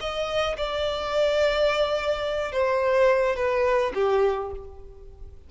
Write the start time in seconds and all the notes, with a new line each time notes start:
0.00 D#5
0.57 D5
2.52 C5
3.36 B4
3.94 G4